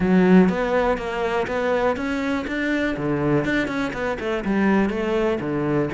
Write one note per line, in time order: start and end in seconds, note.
0.00 0.49 F#3
0.49 0.97 B3
0.97 1.46 A#3
1.47 1.96 B3
1.96 2.45 C#4
2.47 2.96 D4
2.96 3.44 D3
3.44 3.67 D4
3.67 3.92 C#4
3.93 4.18 B3
4.19 4.44 A3
4.44 4.89 G3
4.89 5.38 A3
5.40 5.89 D3